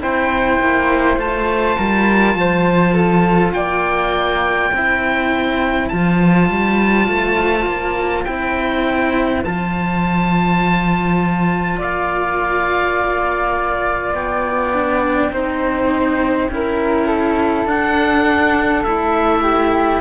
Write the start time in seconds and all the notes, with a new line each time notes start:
0.00 C4 E4 C5 G5
0.60 A#3
1.17 A3 F4 A5
1.78 G3 A#4
2.35 F3 C5
2.93 A4
3.53 A#3 D5 G5
4.73 C4 E4 C5
5.88 F3 F4 A5
6.49 G3
7.08 A3
7.66 A#3
8.25 C4 E4 G5
9.44 F3 F4 A5
11.78 A#3 D5 F5
14.14 B3 G5
14.73 D4
15.31 C4 D#4 C5
16.49 C#4 E4 A#4
17.07 A4
17.65 D4 F#5
18.84 A3 E4 E5
19.42 G4